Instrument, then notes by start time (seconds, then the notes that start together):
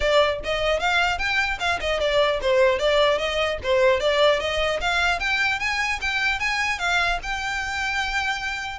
violin
0.00 D5
0.44 D#5
0.79 F5
1.18 G5
1.59 F5
1.80 D#5
2.00 D5
2.41 C5
2.79 D5
3.18 D#5
3.63 C5
4.00 D5
4.39 D#5
4.80 F5
5.19 G5
5.59 G#5
6.01 G5
6.39 G#5
6.78 F5
7.22 G5